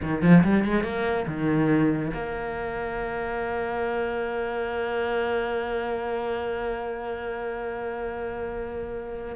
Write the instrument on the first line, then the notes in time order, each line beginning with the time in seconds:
cello
0.02 D#3
0.21 F3
0.43 G3
0.65 G#3
0.83 A#3
1.27 D#3
2.13 A#3